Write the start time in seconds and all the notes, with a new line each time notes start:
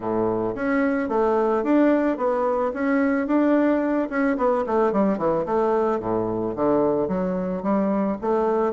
0.00 A2
0.55 C#4
1.09 A3
1.63 D4
2.17 B3
2.73 C#4
3.27 D4
4.09 C#4
4.37 B3
4.66 A3
4.92 G3
5.18 E3
5.45 A3
5.99 A2
6.55 D3
7.08 F#3
7.62 G3
8.21 A3